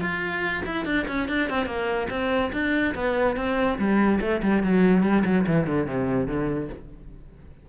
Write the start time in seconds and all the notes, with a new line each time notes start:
0.00 F4
0.65 E4
0.85 D4
1.07 C#4
1.28 D4
1.49 C4
1.66 A#3
2.09 C4
2.52 D4
2.94 B3
3.36 C4
3.78 G3
4.20 A3
4.42 G3
4.63 F#3
5.02 G3
5.24 F#3
5.46 E3
5.66 D3
5.86 C3
6.27 D3